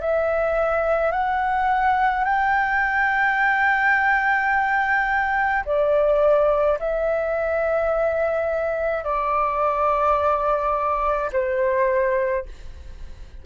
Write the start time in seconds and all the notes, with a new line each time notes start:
0.00 E5
1.12 F#5
2.24 G5
5.65 D5
6.79 E5
9.04 D5
11.32 C5